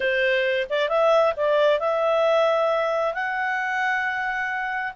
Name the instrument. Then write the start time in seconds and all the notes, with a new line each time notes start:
clarinet
0.00 C5
0.69 D5
0.89 E5
1.36 D5
1.79 E5
3.13 F#5